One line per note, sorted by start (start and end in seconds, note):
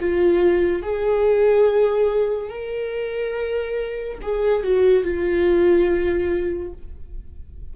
0.00 0.83 F4
0.83 2.49 G#4
2.49 4.18 A#4
4.22 4.63 G#4
4.63 5.04 F#4
5.04 6.73 F4